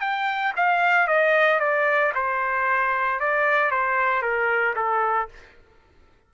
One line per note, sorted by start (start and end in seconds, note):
0.00 0.53 G5
0.56 1.07 F5
1.07 1.59 D#5
1.60 2.12 D5
2.14 3.19 C5
3.19 3.71 D5
3.71 4.22 C5
4.22 4.74 A#4
4.75 5.28 A4